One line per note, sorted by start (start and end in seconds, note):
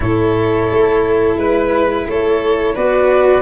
0.00 0.70 A2
0.00 2.75 E4
0.00 1.38 A4
0.00 1.36 C#5
0.71 1.36 A3
1.36 2.05 G#3
1.36 2.06 B4
1.36 2.07 B4
2.07 2.76 A3
2.07 2.74 A4
2.07 2.75 C#5
2.74 3.41 B3
2.74 3.41 F#4
2.74 3.41 B4
2.74 3.41 D5